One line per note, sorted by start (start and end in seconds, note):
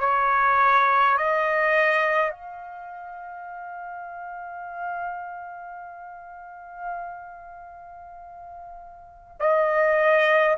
0.00 1.18 C#5
1.18 2.31 D#5
2.31 9.37 F5
9.40 10.58 D#5